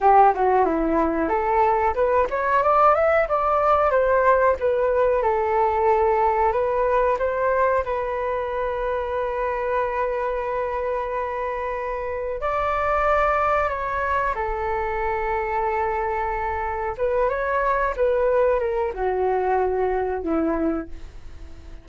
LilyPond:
\new Staff \with { instrumentName = "flute" } { \time 4/4 \tempo 4 = 92 g'8 fis'8 e'4 a'4 b'8 cis''8 | d''8 e''8 d''4 c''4 b'4 | a'2 b'4 c''4 | b'1~ |
b'2. d''4~ | d''4 cis''4 a'2~ | a'2 b'8 cis''4 b'8~ | b'8 ais'8 fis'2 e'4 | }